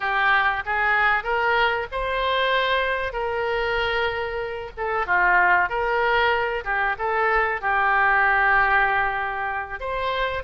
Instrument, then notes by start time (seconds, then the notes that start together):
oboe
0.00 G4
0.65 G#4
1.23 A#4
1.91 C5
3.13 A#4
4.77 A4
5.06 F4
5.69 A#4
6.64 G4
6.98 A4
7.61 G4
9.80 C5